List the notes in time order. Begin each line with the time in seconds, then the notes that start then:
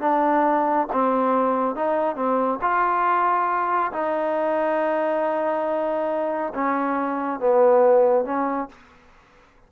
0.00 D4
0.92 C4
1.75 D#4
2.15 C4
2.61 F4
3.92 D#4
6.54 C#4
7.40 B3
8.25 C#4